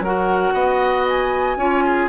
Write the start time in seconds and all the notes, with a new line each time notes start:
0.00 F#3 F#4 A#4 F#5
0.54 B3 D#5
1.08 G#5
1.56 C#4 F4 C#5
1.86 G#4